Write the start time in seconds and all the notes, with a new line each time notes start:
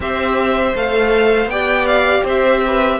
0.00 C4 G4 C5 E5
0.75 A3 A4 F5
1.45 B3 D5 G5
1.51 G4
1.86 F5
2.24 C4 C5 E5
2.67 B4